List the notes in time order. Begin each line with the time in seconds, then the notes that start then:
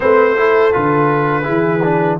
0.00 A3 C4 B4 C5
0.36 E4 A4
0.72 D3 F4 B4
1.42 E3 E4 G#4
1.83 D4